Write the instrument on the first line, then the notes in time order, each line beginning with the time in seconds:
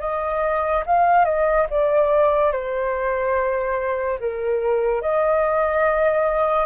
flute
0.00 D#5
0.86 F5
1.25 D#5
1.70 D5
2.52 C5
4.19 A#4
5.02 D#5